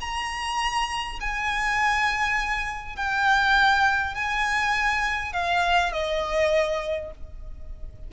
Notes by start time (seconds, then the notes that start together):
0.00 A#5
1.20 G#5
2.95 G5
4.14 G#5
5.32 F5
5.92 D#5